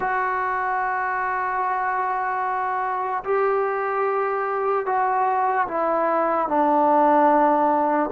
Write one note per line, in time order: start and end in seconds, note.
0.00 3.23 F#4
3.24 4.86 G4
4.86 5.67 F#4
5.68 6.48 E4
6.48 8.10 D4